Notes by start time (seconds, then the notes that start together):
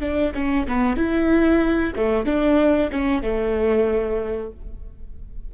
0.00 D4
0.34 C#4
0.67 B3
0.96 E4
1.96 A3
2.26 D4
2.91 C#4
3.22 A3